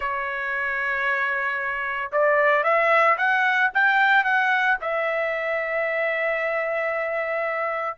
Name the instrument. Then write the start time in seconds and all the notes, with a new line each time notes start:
trumpet
0.00 C#5
2.12 D5
2.63 E5
3.17 F#5
3.74 G5
4.24 F#5
4.81 E5